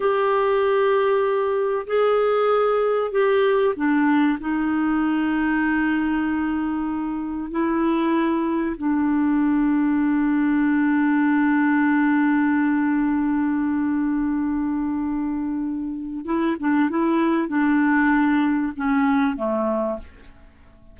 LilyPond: \new Staff \with { instrumentName = "clarinet" } { \time 4/4 \tempo 4 = 96 g'2. gis'4~ | gis'4 g'4 d'4 dis'4~ | dis'1 | e'2 d'2~ |
d'1~ | d'1~ | d'2 e'8 d'8 e'4 | d'2 cis'4 a4 | }